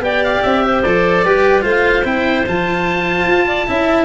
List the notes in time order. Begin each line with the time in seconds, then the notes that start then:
0.00 B3 G4 D5 G5
0.25 F5
0.43 C4 E5
0.66 C5
0.83 F3 A4 D5
1.25 G3 G4 B4
1.62 A3 F4 C5
1.70 F5
2.05 C4 E4 G5
2.46 F3 F4 A5
3.27 F4
3.48 D5
3.68 C#4 E4 E5